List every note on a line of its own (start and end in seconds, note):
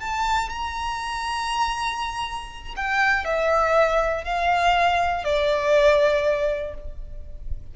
0.00 0.50 A5
0.50 2.75 A#5
2.76 3.25 G5
3.25 4.24 E5
4.24 5.24 F5
5.24 6.74 D5